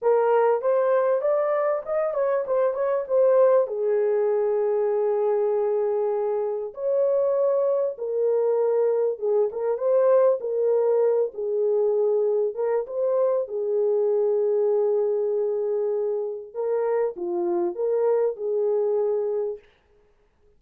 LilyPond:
\new Staff \with { instrumentName = "horn" } { \time 4/4 \tempo 4 = 98 ais'4 c''4 d''4 dis''8 cis''8 | c''8 cis''8 c''4 gis'2~ | gis'2. cis''4~ | cis''4 ais'2 gis'8 ais'8 |
c''4 ais'4. gis'4.~ | gis'8 ais'8 c''4 gis'2~ | gis'2. ais'4 | f'4 ais'4 gis'2 | }